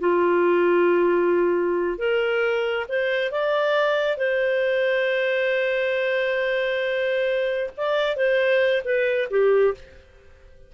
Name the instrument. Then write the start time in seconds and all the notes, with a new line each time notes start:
clarinet
0.00 F4
1.99 A#4
2.89 C5
3.32 D5
4.18 C5
7.77 D5
8.17 C5
8.85 B4
9.30 G4